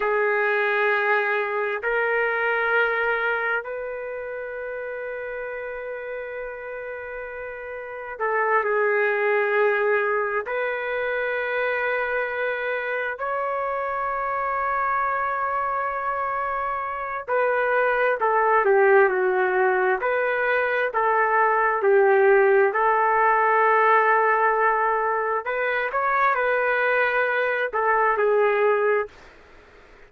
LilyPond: \new Staff \with { instrumentName = "trumpet" } { \time 4/4 \tempo 4 = 66 gis'2 ais'2 | b'1~ | b'4 a'8 gis'2 b'8~ | b'2~ b'8 cis''4.~ |
cis''2. b'4 | a'8 g'8 fis'4 b'4 a'4 | g'4 a'2. | b'8 cis''8 b'4. a'8 gis'4 | }